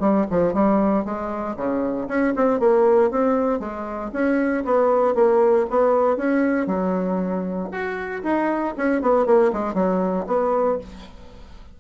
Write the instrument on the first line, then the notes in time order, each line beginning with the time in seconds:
bassoon
0.00 G3
0.31 F3
0.54 G3
1.05 G#3
1.56 C#3
2.08 C#4
2.36 C4
2.60 A#3
3.11 C4
3.60 G#3
4.13 C#4
4.65 B3
5.15 A#3
5.70 B3
6.17 C#4
6.67 F#3
7.72 F#4
8.23 D#4
8.77 C#4
9.01 B3
9.26 A#3
9.53 G#3
9.74 F#3
10.27 B3